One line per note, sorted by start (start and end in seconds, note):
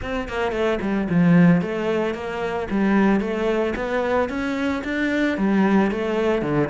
0.02 0.28 C4
0.28 0.51 A#3
0.51 0.78 A3
0.81 1.08 G3
1.09 1.61 F3
1.61 2.14 A3
2.14 2.67 A#3
2.70 3.20 G3
3.20 3.74 A3
3.75 4.29 B3
4.29 4.82 C#4
4.84 5.37 D4
5.37 5.91 G3
5.91 6.42 A3
6.42 6.68 D3